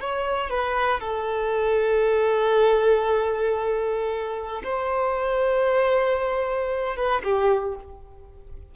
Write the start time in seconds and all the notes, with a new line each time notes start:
0.00 C#5
0.50 B4
1.00 A4
4.64 C5
6.96 B4
7.23 G4